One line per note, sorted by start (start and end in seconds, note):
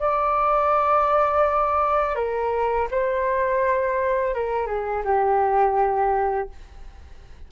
0.00 2.15 D5
2.15 2.88 A#4
2.91 4.34 C5
4.34 4.67 A#4
4.67 5.03 G#4
5.04 6.49 G4